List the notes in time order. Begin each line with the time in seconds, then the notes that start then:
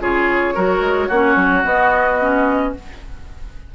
0.00 C#3 F4 G#4 C#5
0.54 F#3 F#4 A#4
0.80 G#3
1.08 A#3 C#4 F#4
1.36 F#3
1.63 B3 D#5
2.20 C#4